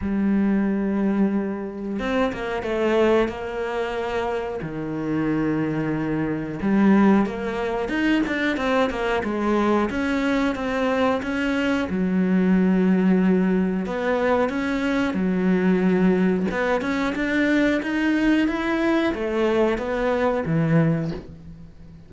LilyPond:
\new Staff \with { instrumentName = "cello" } { \time 4/4 \tempo 4 = 91 g2. c'8 ais8 | a4 ais2 dis4~ | dis2 g4 ais4 | dis'8 d'8 c'8 ais8 gis4 cis'4 |
c'4 cis'4 fis2~ | fis4 b4 cis'4 fis4~ | fis4 b8 cis'8 d'4 dis'4 | e'4 a4 b4 e4 | }